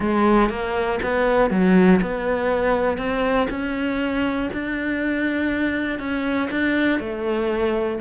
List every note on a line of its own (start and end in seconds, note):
0.00 0.49 G#3
0.49 0.99 A#3
1.02 1.50 B3
1.50 2.00 F#3
2.01 2.97 B3
2.97 3.47 C4
3.50 4.50 C#4
4.52 5.99 D4
5.99 6.49 C#4
6.50 6.99 D4
6.99 7.99 A3